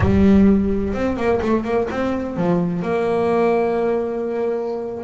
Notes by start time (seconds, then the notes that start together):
0.00 G3
0.93 C4
1.16 A#3
1.41 A3
1.64 A#3
1.90 C4
2.36 F3
2.82 A#3